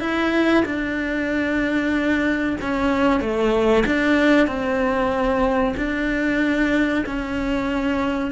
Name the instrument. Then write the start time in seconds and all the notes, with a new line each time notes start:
cello
0.00 E4
0.65 D4
2.61 C#4
3.21 A3
3.86 D4
4.47 C4
5.77 D4
7.06 C#4